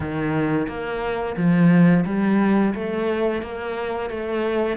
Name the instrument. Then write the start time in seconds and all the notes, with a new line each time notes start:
cello
0.00 D#3
0.68 A#3
1.36 F3
2.05 G3
2.74 A3
3.42 A#3
4.10 A3